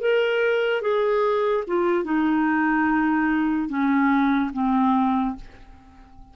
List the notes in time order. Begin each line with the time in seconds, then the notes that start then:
0.00 A#4
0.81 G#4
1.67 F4
2.04 D#4
3.68 C#4
4.53 C4